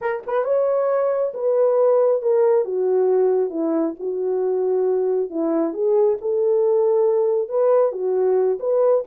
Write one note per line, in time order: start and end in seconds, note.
0.01 0.23 A#4
0.26 0.44 B4
0.44 1.32 C#5
1.34 2.21 B4
2.21 2.65 A#4
2.65 3.50 F#4
3.50 3.94 E4
3.99 5.29 F#4
5.29 5.73 E4
5.73 6.17 G#4
6.21 7.48 A4
7.48 7.92 B4
7.92 8.58 F#4
8.59 9.03 B4